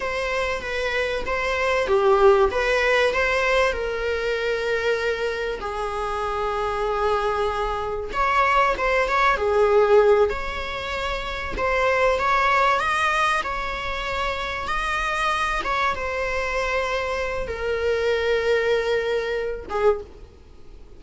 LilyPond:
\new Staff \with { instrumentName = "viola" } { \time 4/4 \tempo 4 = 96 c''4 b'4 c''4 g'4 | b'4 c''4 ais'2~ | ais'4 gis'2.~ | gis'4 cis''4 c''8 cis''8 gis'4~ |
gis'8 cis''2 c''4 cis''8~ | cis''8 dis''4 cis''2 dis''8~ | dis''4 cis''8 c''2~ c''8 | ais'2.~ ais'8 gis'8 | }